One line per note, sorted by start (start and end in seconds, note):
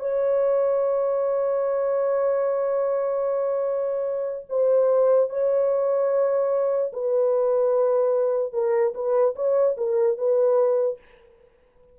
0.00 4.46 C#5
4.50 5.30 C5
5.30 6.92 C#5
6.93 8.54 B4
8.54 8.94 A#4
8.95 9.35 B4
9.36 9.77 C#5
9.78 10.18 A#4
10.18 10.99 B4